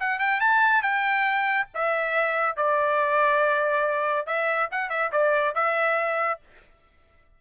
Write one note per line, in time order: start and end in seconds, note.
0.00 0.19 F#5
0.19 0.40 G5
0.40 0.82 A5
0.82 1.68 G5
1.74 2.56 E5
2.56 4.26 D5
4.26 4.69 E5
4.71 4.90 F#5
4.90 5.11 E5
5.12 5.55 D5
5.55 6.41 E5